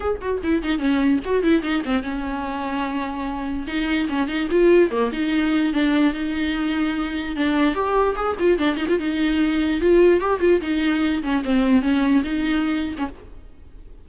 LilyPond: \new Staff \with { instrumentName = "viola" } { \time 4/4 \tempo 4 = 147 gis'8 fis'8 e'8 dis'8 cis'4 fis'8 e'8 | dis'8 c'8 cis'2.~ | cis'4 dis'4 cis'8 dis'8 f'4 | ais8 dis'4. d'4 dis'4~ |
dis'2 d'4 g'4 | gis'8 f'8 d'8 dis'16 f'16 dis'2 | f'4 g'8 f'8 dis'4. cis'8 | c'4 cis'4 dis'4.~ dis'16 cis'16 | }